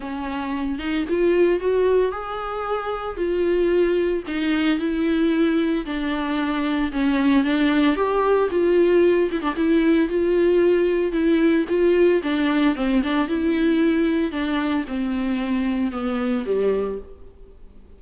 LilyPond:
\new Staff \with { instrumentName = "viola" } { \time 4/4 \tempo 4 = 113 cis'4. dis'8 f'4 fis'4 | gis'2 f'2 | dis'4 e'2 d'4~ | d'4 cis'4 d'4 g'4 |
f'4. e'16 d'16 e'4 f'4~ | f'4 e'4 f'4 d'4 | c'8 d'8 e'2 d'4 | c'2 b4 g4 | }